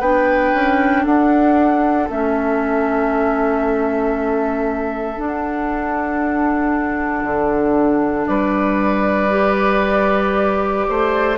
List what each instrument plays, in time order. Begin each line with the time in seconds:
0.00 bassoon B3, clarinet D4, oboe B4, flute G5
0.54 bassoon C#4
1.03 bassoon D4, oboe A4, flute F#5
2.09 bassoon A3, clarinet C#4, flute E5
5.17 clarinet D4, bassoon D4, flute F#5
7.23 bassoon D3
8.27 bassoon G3, oboe B4, flute D5
9.30 clarinet G4
10.89 bassoon A3, oboe C5